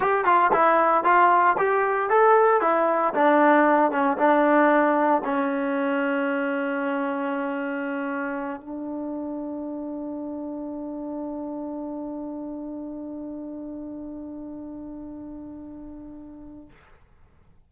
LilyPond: \new Staff \with { instrumentName = "trombone" } { \time 4/4 \tempo 4 = 115 g'8 f'8 e'4 f'4 g'4 | a'4 e'4 d'4. cis'8 | d'2 cis'2~ | cis'1~ |
cis'8 d'2.~ d'8~ | d'1~ | d'1~ | d'1 | }